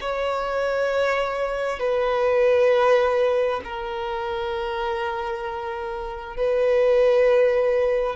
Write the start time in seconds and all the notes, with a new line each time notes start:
0.00 C#5
1.79 B4
3.64 A#4
6.36 B4